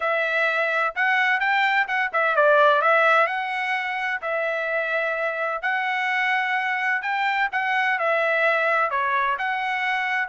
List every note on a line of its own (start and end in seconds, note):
0.00 0.94 E5
0.95 1.40 F#5
1.40 1.86 G5
1.87 2.11 F#5
2.12 2.36 E5
2.36 2.81 D5
2.81 3.26 E5
3.26 4.20 F#5
4.21 5.61 E5
5.61 7.02 F#5
7.02 7.49 G5
7.52 7.98 F#5
7.98 8.90 E5
8.90 9.37 C#5
9.38 10.28 F#5